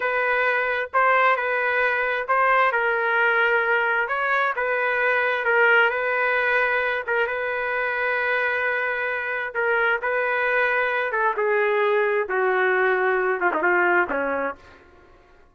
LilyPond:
\new Staff \with { instrumentName = "trumpet" } { \time 4/4 \tempo 4 = 132 b'2 c''4 b'4~ | b'4 c''4 ais'2~ | ais'4 cis''4 b'2 | ais'4 b'2~ b'8 ais'8 |
b'1~ | b'4 ais'4 b'2~ | b'8 a'8 gis'2 fis'4~ | fis'4. f'16 dis'16 f'4 cis'4 | }